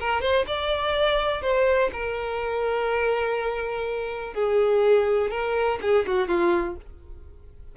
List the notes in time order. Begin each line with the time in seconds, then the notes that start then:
0.00 A#4
0.21 C5
0.47 D5
1.42 C5
1.93 A#4
4.34 G#4
5.31 A#4
5.82 G#4
6.07 F#4
6.28 F4